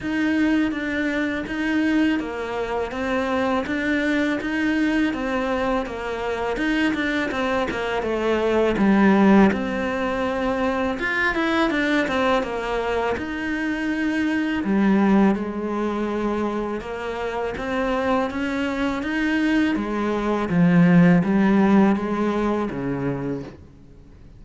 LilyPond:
\new Staff \with { instrumentName = "cello" } { \time 4/4 \tempo 4 = 82 dis'4 d'4 dis'4 ais4 | c'4 d'4 dis'4 c'4 | ais4 dis'8 d'8 c'8 ais8 a4 | g4 c'2 f'8 e'8 |
d'8 c'8 ais4 dis'2 | g4 gis2 ais4 | c'4 cis'4 dis'4 gis4 | f4 g4 gis4 cis4 | }